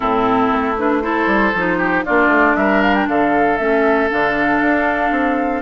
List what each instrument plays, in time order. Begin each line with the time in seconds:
0.00 bassoon A2, clarinet C4, oboe E4, flute A4
0.51 bassoon A3
0.77 clarinet D4, flute B4
1.01 clarinet E4, oboe A4, flute C5
1.26 bassoon G3
1.53 bassoon F3, clarinet D#4
1.77 oboe G4
2.05 bassoon A#3, clarinet D4, oboe F4, flute D5
2.28 bassoon A3
2.56 bassoon G3, oboe A#4, flute E5
2.81 flute F5
2.94 flute G5
3.08 bassoon D3, oboe A4, flute F5
3.57 bassoon A3, clarinet C#4, flute E5
4.10 bassoon D3, clarinet D4, flute F5
4.61 bassoon D4
5.11 bassoon C4